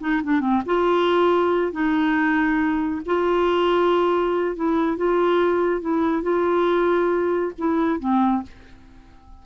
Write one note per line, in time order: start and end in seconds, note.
0.00 0.22 D#4
0.23 0.40 D4
0.40 0.62 C4
0.66 1.72 F4
1.72 3.01 D#4
3.05 4.56 F4
4.56 4.97 E4
4.97 5.81 F4
5.81 6.22 E4
6.22 7.52 F4
7.58 7.99 E4
7.99 8.43 C4